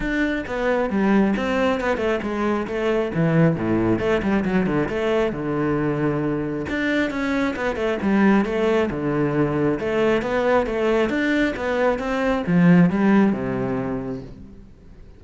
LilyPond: \new Staff \with { instrumentName = "cello" } { \time 4/4 \tempo 4 = 135 d'4 b4 g4 c'4 | b8 a8 gis4 a4 e4 | a,4 a8 g8 fis8 d8 a4 | d2. d'4 |
cis'4 b8 a8 g4 a4 | d2 a4 b4 | a4 d'4 b4 c'4 | f4 g4 c2 | }